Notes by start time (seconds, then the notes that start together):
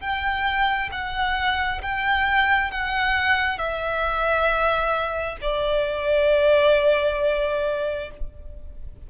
0.00 G5
0.92 F#5
1.82 G5
2.71 F#5
3.58 E5
5.41 D5